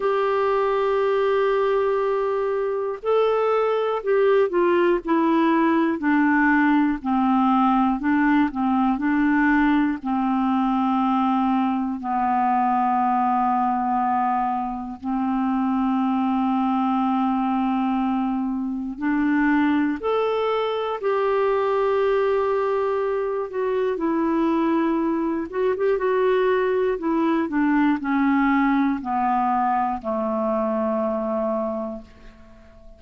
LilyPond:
\new Staff \with { instrumentName = "clarinet" } { \time 4/4 \tempo 4 = 60 g'2. a'4 | g'8 f'8 e'4 d'4 c'4 | d'8 c'8 d'4 c'2 | b2. c'4~ |
c'2. d'4 | a'4 g'2~ g'8 fis'8 | e'4. fis'16 g'16 fis'4 e'8 d'8 | cis'4 b4 a2 | }